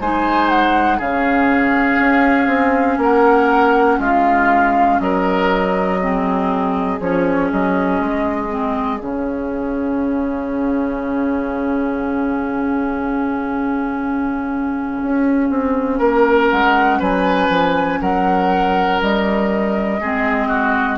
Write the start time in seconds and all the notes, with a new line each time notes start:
0.00 G#3 D#4 C5 G#5
0.49 F#5
0.98 C#3 C#4 G#4 F5
1.99 C#4
2.47 C4
2.98 A#3 A#4 F#5
3.99 G#3 F4 F5
5.00 F#3 A#4 D#5
6.00 C4 G#4
7.00 F3 C#4 C#5
7.52 F#3 D#5
8.00 G#3
8.49 C4
8.99 C#3 C#4 F5
15.02 C#4
15.50 C4
15.98 A#3 A#4
16.50 G#3 F#5
16.99 F#3 B4 G#5
17.49 F3
18.01 F#3 A#4 F#5
19.01 G3 D#5
20.00 G#3 C4 G#4
20.48 F#4